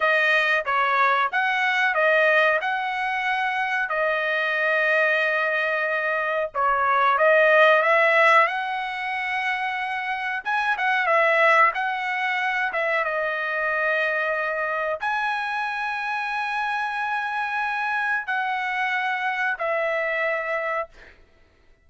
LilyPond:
\new Staff \with { instrumentName = "trumpet" } { \time 4/4 \tempo 4 = 92 dis''4 cis''4 fis''4 dis''4 | fis''2 dis''2~ | dis''2 cis''4 dis''4 | e''4 fis''2. |
gis''8 fis''8 e''4 fis''4. e''8 | dis''2. gis''4~ | gis''1 | fis''2 e''2 | }